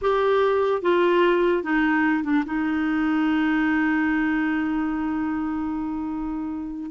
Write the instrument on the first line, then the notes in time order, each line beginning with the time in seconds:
clarinet
0.01 G4
0.82 F4
1.63 D#4
2.23 D4
2.45 D#4